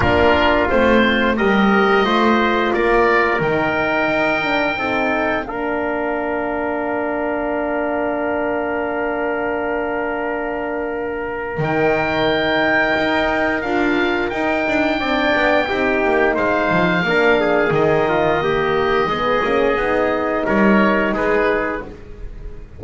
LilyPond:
<<
  \new Staff \with { instrumentName = "oboe" } { \time 4/4 \tempo 4 = 88 ais'4 c''4 dis''2 | d''4 g''2. | f''1~ | f''1~ |
f''4 g''2. | f''4 g''2. | f''2 dis''2~ | dis''2 cis''4 b'4 | }
  \new Staff \with { instrumentName = "trumpet" } { \time 4/4 f'2 ais'4 c''4 | ais'2. a'4 | ais'1~ | ais'1~ |
ais'1~ | ais'2 d''4 g'4 | c''4 ais'8 gis'4 f'8 g'4 | gis'2 ais'4 gis'4 | }
  \new Staff \with { instrumentName = "horn" } { \time 4/4 d'4 c'4 g'4 f'4~ | f'4 dis'4. d'8 dis'4 | d'1~ | d'1~ |
d'4 dis'2. | f'4 dis'4 d'4 dis'4~ | dis'4 d'4 dis'4 ais4 | b8 cis'8 dis'2. | }
  \new Staff \with { instrumentName = "double bass" } { \time 4/4 ais4 a4 g4 a4 | ais4 dis4 dis'4 c'4 | ais1~ | ais1~ |
ais4 dis2 dis'4 | d'4 dis'8 d'8 c'8 b8 c'8 ais8 | gis8 f8 ais4 dis2 | gis8 ais8 b4 g4 gis4 | }
>>